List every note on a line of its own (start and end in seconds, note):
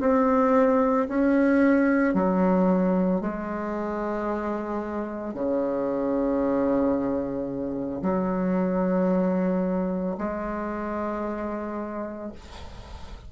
0.00 1.07 C4
1.09 2.14 C#4
2.14 3.21 F#3
3.21 5.34 G#3
5.34 8.02 C#3
8.03 10.17 F#3
10.18 12.32 G#3